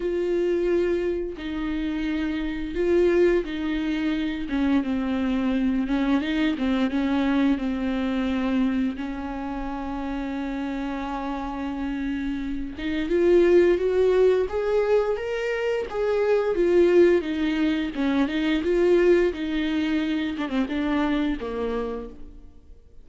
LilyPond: \new Staff \with { instrumentName = "viola" } { \time 4/4 \tempo 4 = 87 f'2 dis'2 | f'4 dis'4. cis'8 c'4~ | c'8 cis'8 dis'8 c'8 cis'4 c'4~ | c'4 cis'2.~ |
cis'2~ cis'8 dis'8 f'4 | fis'4 gis'4 ais'4 gis'4 | f'4 dis'4 cis'8 dis'8 f'4 | dis'4. d'16 c'16 d'4 ais4 | }